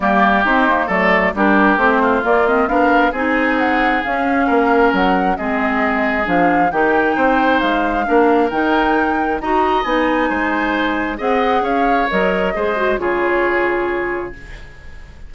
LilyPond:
<<
  \new Staff \with { instrumentName = "flute" } { \time 4/4 \tempo 4 = 134 d''4 c''4 d''4 ais'4 | c''4 d''8 dis''8 f''4 gis''4 | fis''4 f''2 fis''4 | dis''2 f''4 g''4~ |
g''4 f''2 g''4~ | g''4 ais''4 gis''2~ | gis''4 fis''4 f''4 dis''4~ | dis''4 cis''2. | }
  \new Staff \with { instrumentName = "oboe" } { \time 4/4 g'2 a'4 g'4~ | g'8 f'4. ais'4 gis'4~ | gis'2 ais'2 | gis'2. g'4 |
c''2 ais'2~ | ais'4 dis''2 c''4~ | c''4 dis''4 cis''2 | c''4 gis'2. | }
  \new Staff \with { instrumentName = "clarinet" } { \time 4/4 ais4 c'8 ais8 a4 d'4 | c'4 ais8 c'8 d'4 dis'4~ | dis'4 cis'2. | c'2 d'4 dis'4~ |
dis'2 d'4 dis'4~ | dis'4 fis'4 dis'2~ | dis'4 gis'2 ais'4 | gis'8 fis'8 f'2. | }
  \new Staff \with { instrumentName = "bassoon" } { \time 4/4 g4 dis'4 fis4 g4 | a4 ais4 b4 c'4~ | c'4 cis'4 ais4 fis4 | gis2 f4 dis4 |
c'4 gis4 ais4 dis4~ | dis4 dis'4 b4 gis4~ | gis4 c'4 cis'4 fis4 | gis4 cis2. | }
>>